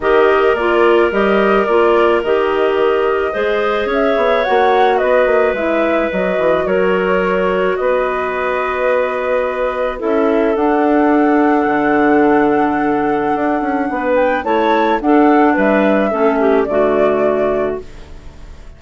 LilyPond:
<<
  \new Staff \with { instrumentName = "flute" } { \time 4/4 \tempo 4 = 108 dis''4 d''4 dis''4 d''4 | dis''2. e''4 | fis''4 dis''4 e''4 dis''4 | cis''2 dis''2~ |
dis''2 e''4 fis''4~ | fis''1~ | fis''4. g''8 a''4 fis''4 | e''2 d''2 | }
  \new Staff \with { instrumentName = "clarinet" } { \time 4/4 ais'1~ | ais'2 c''4 cis''4~ | cis''4 b'2. | ais'2 b'2~ |
b'2 a'2~ | a'1~ | a'4 b'4 cis''4 a'4 | b'4 a'8 g'8 fis'2 | }
  \new Staff \with { instrumentName = "clarinet" } { \time 4/4 g'4 f'4 g'4 f'4 | g'2 gis'2 | fis'2 e'4 fis'4~ | fis'1~ |
fis'2 e'4 d'4~ | d'1~ | d'2 e'4 d'4~ | d'4 cis'4 a2 | }
  \new Staff \with { instrumentName = "bassoon" } { \time 4/4 dis4 ais4 g4 ais4 | dis2 gis4 cis'8 b8 | ais4 b8 ais8 gis4 fis8 e8 | fis2 b2~ |
b2 cis'4 d'4~ | d'4 d2. | d'8 cis'8 b4 a4 d'4 | g4 a4 d2 | }
>>